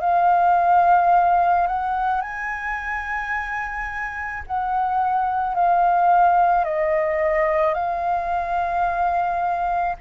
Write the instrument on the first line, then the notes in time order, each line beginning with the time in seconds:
flute
0.00 F5
1.67 F#5
2.21 G#5
4.46 F#5
5.55 F5
6.64 D#5
7.74 F5